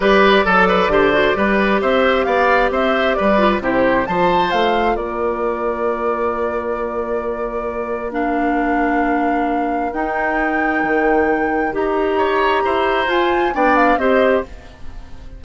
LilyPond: <<
  \new Staff \with { instrumentName = "flute" } { \time 4/4 \tempo 4 = 133 d''1 | e''4 f''4 e''4 d''4 | c''4 a''4 f''4 d''4~ | d''1~ |
d''2 f''2~ | f''2 g''2~ | g''2 ais''2~ | ais''4 gis''4 g''8 f''8 dis''4 | }
  \new Staff \with { instrumentName = "oboe" } { \time 4/4 b'4 a'8 b'8 c''4 b'4 | c''4 d''4 c''4 b'4 | g'4 c''2 ais'4~ | ais'1~ |
ais'1~ | ais'1~ | ais'2. cis''4 | c''2 d''4 c''4 | }
  \new Staff \with { instrumentName = "clarinet" } { \time 4/4 g'4 a'4 g'8 fis'8 g'4~ | g'2.~ g'8 f'8 | e'4 f'2.~ | f'1~ |
f'2 d'2~ | d'2 dis'2~ | dis'2 g'2~ | g'4 f'4 d'4 g'4 | }
  \new Staff \with { instrumentName = "bassoon" } { \time 4/4 g4 fis4 d4 g4 | c'4 b4 c'4 g4 | c4 f4 a4 ais4~ | ais1~ |
ais1~ | ais2 dis'2 | dis2 dis'2 | e'4 f'4 b4 c'4 | }
>>